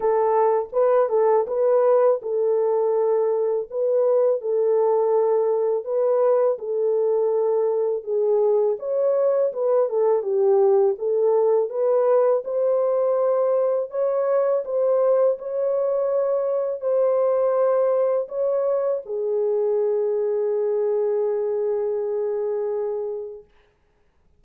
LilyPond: \new Staff \with { instrumentName = "horn" } { \time 4/4 \tempo 4 = 82 a'4 b'8 a'8 b'4 a'4~ | a'4 b'4 a'2 | b'4 a'2 gis'4 | cis''4 b'8 a'8 g'4 a'4 |
b'4 c''2 cis''4 | c''4 cis''2 c''4~ | c''4 cis''4 gis'2~ | gis'1 | }